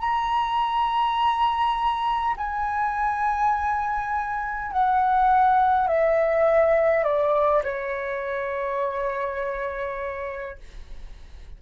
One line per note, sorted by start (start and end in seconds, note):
0.00 2.35 A#5
2.37 4.72 G#5
4.72 5.88 F#5
5.88 7.04 E5
7.04 7.63 D5
7.64 10.58 C#5